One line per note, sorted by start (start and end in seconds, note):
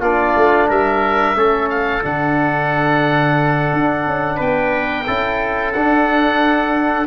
0.00 0.34 A#3
0.00 1.35 D4
0.00 0.67 F4
0.00 0.69 D5
0.36 0.69 A3
0.68 1.35 G3
0.68 1.36 A#4
0.68 1.69 E5
1.35 2.03 A3
1.35 2.02 C#4
1.35 4.36 A4
1.69 2.03 F5
2.02 3.73 D3
2.02 5.05 D4
2.02 4.40 F#5
3.73 4.06 D4
4.06 4.40 C#4
4.36 5.07 B3
4.36 5.03 B4
4.36 5.72 G5
5.06 5.75 C#4
5.06 5.74 E4
5.06 7.07 A4
5.72 7.07 D4
5.72 7.07 F#5